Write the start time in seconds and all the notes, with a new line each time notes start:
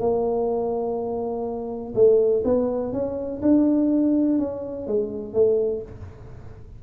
0.00 A#3
1.94 A3
2.44 B3
2.93 C#4
3.42 D4
4.39 C#4
4.87 G#3
5.34 A3